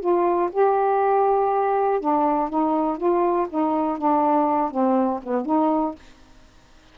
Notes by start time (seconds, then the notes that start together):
0.00 F4
0.52 G4
2.00 D4
2.49 D#4
2.97 F4
3.49 D#4
3.97 D4
4.70 C4
5.23 B3
5.45 D#4